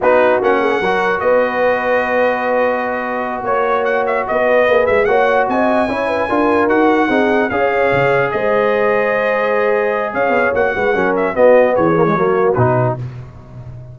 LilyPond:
<<
  \new Staff \with { instrumentName = "trumpet" } { \time 4/4 \tempo 4 = 148 b'4 fis''2 dis''4~ | dis''1~ | dis''8 cis''4 fis''8 e''8 dis''4. | e''8 fis''4 gis''2~ gis''8~ |
gis''8 fis''2 f''4.~ | f''8 dis''2.~ dis''8~ | dis''4 f''4 fis''4. e''8 | dis''4 cis''2 b'4 | }
  \new Staff \with { instrumentName = "horn" } { \time 4/4 fis'4. gis'8 ais'4 b'4~ | b'1~ | b'8 cis''2 b'4.~ | b'8 cis''4 dis''4 cis''8 b'8 ais'8~ |
ais'4. gis'4 cis''4.~ | cis''8 c''2.~ c''8~ | c''4 cis''4. b'8 ais'4 | fis'4 gis'4 fis'2 | }
  \new Staff \with { instrumentName = "trombone" } { \time 4/4 dis'4 cis'4 fis'2~ | fis'1~ | fis'2.~ fis'8 gis'8~ | gis'8 fis'2 e'4 f'8~ |
f'8 fis'4 dis'4 gis'4.~ | gis'1~ | gis'2 fis'4 cis'4 | b4. ais16 gis16 ais4 dis'4 | }
  \new Staff \with { instrumentName = "tuba" } { \time 4/4 b4 ais4 fis4 b4~ | b1~ | b8 ais2 b4 ais8 | gis8 ais4 c'4 cis'4 d'8~ |
d'8 dis'4 c'4 cis'4 cis8~ | cis8 gis2.~ gis8~ | gis4 cis'8 b8 ais8 gis8 fis4 | b4 e4 fis4 b,4 | }
>>